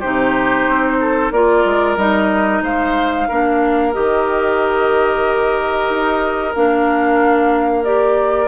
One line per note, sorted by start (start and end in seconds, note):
0.00 0.68 C3
0.00 1.33 D#4
0.00 0.98 G4
0.00 1.31 C5
0.68 1.32 C4
1.01 1.33 A4
1.32 1.64 A#3
1.32 1.98 F4
1.32 2.63 A#4
1.32 1.97 D5
1.65 1.97 G#3
1.97 2.62 G3
1.97 3.29 D#4
1.97 2.63 D#5
2.63 3.28 G#3
2.63 3.28 C5
2.63 3.94 F5
3.28 3.96 A#3
3.28 3.93 D4
3.28 8.48 A#4
3.93 5.89 D#3
3.93 6.54 G4
3.93 6.54 D#5
5.89 6.54 D#4
6.55 8.48 A#3
6.55 7.85 D4
6.55 7.85 F5
7.85 8.48 G4
7.85 8.48 D5